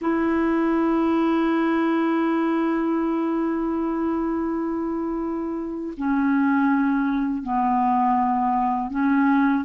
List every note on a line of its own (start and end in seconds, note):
0.01 5.94 E4
5.97 7.42 C#4
7.42 8.90 B3
8.90 9.64 C#4